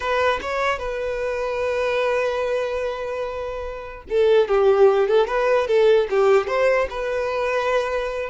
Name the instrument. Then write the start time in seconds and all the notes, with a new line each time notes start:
violin
0.00 B4
0.41 C#5
0.79 B4
4.09 A4
4.48 G4
5.08 A4
5.27 B4
5.67 A4
6.10 G4
6.47 C5
6.89 B4